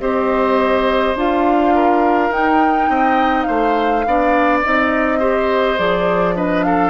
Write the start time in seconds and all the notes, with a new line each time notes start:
0.00 C4 G4 C5 D#5
1.15 D4 F4 F5
1.75 A#4
2.30 D#4 G5
2.89 C4 D#5
3.43 C5 F5
3.49 A3
4.06 B3 D4 D5
4.64 C4 D#4 D#5
5.19 G4 C5
5.78 F3 G#4 D5
6.36 D4 B4 D#5
6.63 A4 F5